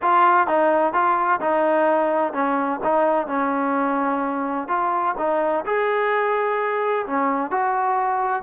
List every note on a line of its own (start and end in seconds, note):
0.01 0.47 F4
0.47 0.93 D#4
0.93 1.40 F4
1.40 2.33 D#4
2.33 2.80 C#4
2.83 3.27 D#4
3.27 4.67 C#4
4.68 5.15 F4
5.18 5.64 D#4
5.65 7.06 G#4
7.06 7.50 C#4
7.50 8.42 F#4